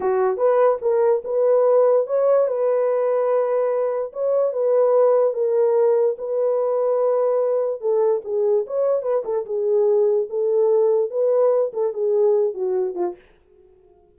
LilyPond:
\new Staff \with { instrumentName = "horn" } { \time 4/4 \tempo 4 = 146 fis'4 b'4 ais'4 b'4~ | b'4 cis''4 b'2~ | b'2 cis''4 b'4~ | b'4 ais'2 b'4~ |
b'2. a'4 | gis'4 cis''4 b'8 a'8 gis'4~ | gis'4 a'2 b'4~ | b'8 a'8 gis'4. fis'4 f'8 | }